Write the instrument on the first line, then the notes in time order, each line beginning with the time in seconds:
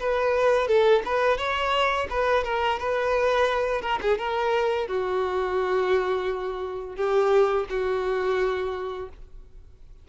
violin
0.00 B4
0.68 A4
1.06 B4
1.38 C#5
2.10 B4
2.45 A#4
2.79 B4
3.82 A#4
4.02 G#4
4.18 A#4
4.88 F#4
6.96 G4
7.70 F#4